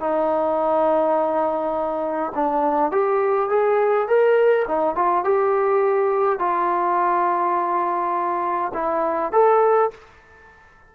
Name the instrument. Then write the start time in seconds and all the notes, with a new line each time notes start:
trombone
0.00 D#4
2.35 D4
2.92 G4
3.50 G#4
4.08 A#4
4.68 D#4
4.96 F4
5.24 G4
6.39 F4
8.74 E4
9.33 A4